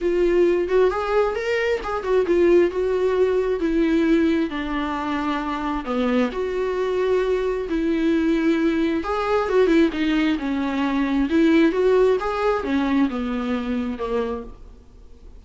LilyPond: \new Staff \with { instrumentName = "viola" } { \time 4/4 \tempo 4 = 133 f'4. fis'8 gis'4 ais'4 | gis'8 fis'8 f'4 fis'2 | e'2 d'2~ | d'4 b4 fis'2~ |
fis'4 e'2. | gis'4 fis'8 e'8 dis'4 cis'4~ | cis'4 e'4 fis'4 gis'4 | cis'4 b2 ais4 | }